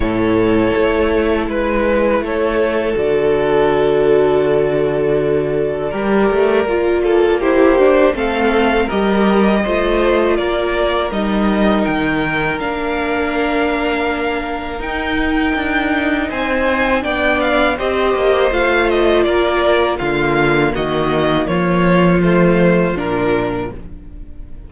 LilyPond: <<
  \new Staff \with { instrumentName = "violin" } { \time 4/4 \tempo 4 = 81 cis''2 b'4 cis''4 | d''1~ | d''2 c''4 f''4 | dis''2 d''4 dis''4 |
g''4 f''2. | g''2 gis''4 g''8 f''8 | dis''4 f''8 dis''8 d''4 f''4 | dis''4 cis''4 c''4 ais'4 | }
  \new Staff \with { instrumentName = "violin" } { \time 4/4 a'2 b'4 a'4~ | a'1 | ais'4. a'8 g'4 a'4 | ais'4 c''4 ais'2~ |
ais'1~ | ais'2 c''4 d''4 | c''2 ais'4 f'4 | fis'4 f'2. | }
  \new Staff \with { instrumentName = "viola" } { \time 4/4 e'1 | fis'1 | g'4 f'4 e'8 d'8 c'4 | g'4 f'2 dis'4~ |
dis'4 d'2. | dis'2. d'4 | g'4 f'2 ais4~ | ais2 a4 d'4 | }
  \new Staff \with { instrumentName = "cello" } { \time 4/4 a,4 a4 gis4 a4 | d1 | g8 a8 ais2 a4 | g4 a4 ais4 g4 |
dis4 ais2. | dis'4 d'4 c'4 b4 | c'8 ais8 a4 ais4 d4 | dis4 f2 ais,4 | }
>>